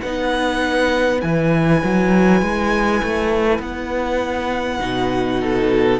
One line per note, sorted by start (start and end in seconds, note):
0.00 1.22 B3
0.00 1.20 D#4
0.00 5.41 B4
0.00 1.20 F#5
1.20 1.82 E3
1.20 4.79 E4
1.20 3.60 G#5
1.83 2.42 F#3
2.42 3.02 G#3
3.02 3.59 A3
3.59 4.79 B3
3.59 5.99 F#5
4.79 5.99 B2
4.79 5.99 D#4
5.41 5.99 A4